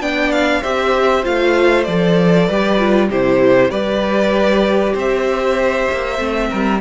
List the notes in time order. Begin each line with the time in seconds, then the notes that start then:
0.00 B3 D4 D5 G5
0.32 F5
0.62 C4 G4 C5 E5
1.23 A3 F4 F5
1.84 F3 A4 D5
2.47 G3 G4 B4
2.79 F4
3.09 C3 E4 G4 C5
3.70 G3 G4 B4 D5
4.94 C4 C5 E5
5.92 A#3
6.18 A3 C4
6.50 G3 A#4